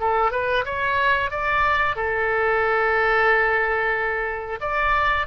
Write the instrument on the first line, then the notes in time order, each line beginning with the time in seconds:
oboe
0.00 A4
0.32 B4
0.65 C#5
1.31 D5
1.96 A4
4.61 D5